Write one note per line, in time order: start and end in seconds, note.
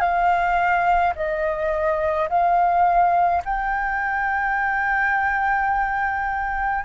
0.00 1.13 F5
1.15 2.28 D#5
2.28 3.42 F5
3.45 6.84 G5